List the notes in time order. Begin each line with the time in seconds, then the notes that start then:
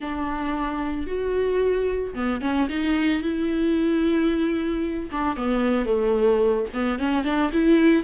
0.00 D4
1.06 F#4
2.14 B3
2.41 C#4
2.69 D#4
3.22 E4
5.11 D4
5.36 B3
5.85 A3
6.73 B3
6.98 C#4
7.24 D4
7.52 E4